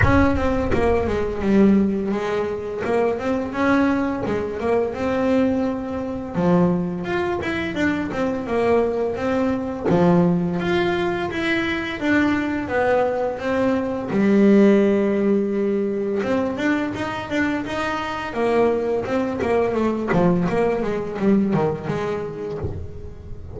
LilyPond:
\new Staff \with { instrumentName = "double bass" } { \time 4/4 \tempo 4 = 85 cis'8 c'8 ais8 gis8 g4 gis4 | ais8 c'8 cis'4 gis8 ais8 c'4~ | c'4 f4 f'8 e'8 d'8 c'8 | ais4 c'4 f4 f'4 |
e'4 d'4 b4 c'4 | g2. c'8 d'8 | dis'8 d'8 dis'4 ais4 c'8 ais8 | a8 f8 ais8 gis8 g8 dis8 gis4 | }